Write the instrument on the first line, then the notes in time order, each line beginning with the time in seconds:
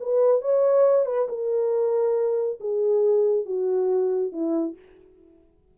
horn
0.00 B4
0.41 C#5
1.06 B4
1.28 A#4
2.60 G#4
3.45 F#4
4.32 E4